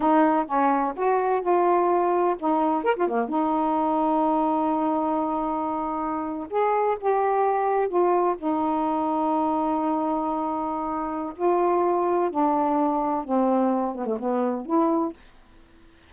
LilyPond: \new Staff \with { instrumentName = "saxophone" } { \time 4/4 \tempo 4 = 127 dis'4 cis'4 fis'4 f'4~ | f'4 dis'4 ais'16 f'16 ais8 dis'4~ | dis'1~ | dis'4.~ dis'16 gis'4 g'4~ g'16~ |
g'8. f'4 dis'2~ dis'16~ | dis'1 | f'2 d'2 | c'4. b16 a16 b4 e'4 | }